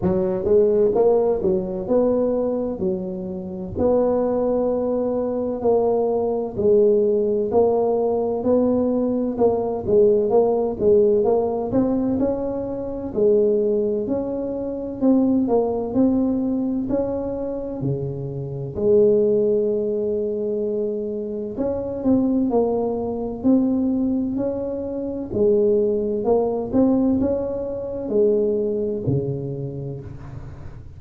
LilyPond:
\new Staff \with { instrumentName = "tuba" } { \time 4/4 \tempo 4 = 64 fis8 gis8 ais8 fis8 b4 fis4 | b2 ais4 gis4 | ais4 b4 ais8 gis8 ais8 gis8 | ais8 c'8 cis'4 gis4 cis'4 |
c'8 ais8 c'4 cis'4 cis4 | gis2. cis'8 c'8 | ais4 c'4 cis'4 gis4 | ais8 c'8 cis'4 gis4 cis4 | }